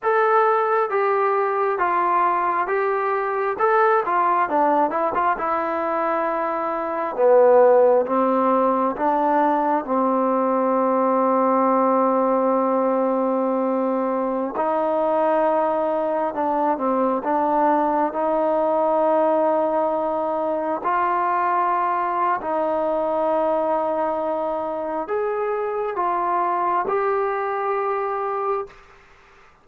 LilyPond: \new Staff \with { instrumentName = "trombone" } { \time 4/4 \tempo 4 = 67 a'4 g'4 f'4 g'4 | a'8 f'8 d'8 e'16 f'16 e'2 | b4 c'4 d'4 c'4~ | c'1~ |
c'16 dis'2 d'8 c'8 d'8.~ | d'16 dis'2. f'8.~ | f'4 dis'2. | gis'4 f'4 g'2 | }